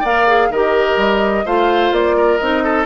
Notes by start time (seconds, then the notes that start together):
0.00 A#3 A#4 D5 F5
0.27 G#4
0.49 D#3 G4 A#4 D#5
0.96 G3
1.45 A3 F4 C5 F5
1.91 A#3 D5
2.17 A#4
2.37 C4 D#4 D#5
2.64 A4